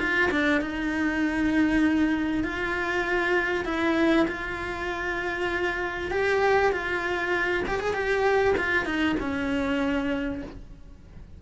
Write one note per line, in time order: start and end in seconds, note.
0.00 0.31 F4
0.31 0.62 D4
0.62 2.44 D#4
2.44 3.66 F4
3.66 4.27 E4
4.28 6.11 F4
6.11 6.73 G4
6.73 7.64 F4
7.68 7.81 G4
7.81 7.94 G#4
7.94 8.55 G4
8.58 8.86 F4
8.86 9.16 D#4
9.20 10.42 C#4